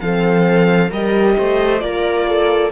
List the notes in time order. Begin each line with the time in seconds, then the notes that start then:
0.00 F3 C4 A4 F5
0.90 G3 G4 A#4 D#5
1.38 A3 C5
1.80 A#3 F4 A#4 D5
2.27 A4